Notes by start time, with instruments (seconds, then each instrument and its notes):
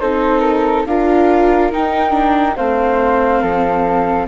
0.00 bassoon C4, viola D#4, flute A4 C5
0.40 flute A#4
0.86 bassoon D4, viola F4, flute A#4 F5
1.72 bassoon D#4, viola D#4, flute G5
2.10 viola D4
2.56 bassoon A3, viola C4, flute C5 F5
3.41 bassoon F3, flute A4